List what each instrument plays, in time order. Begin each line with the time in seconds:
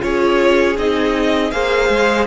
0.00 cello C#4, viola F4, violin G#4 C#5
0.77 cello C4, viola D#4, violin D#5
1.51 cello A#3, viola G#4, violin C5 F5
1.89 cello G#3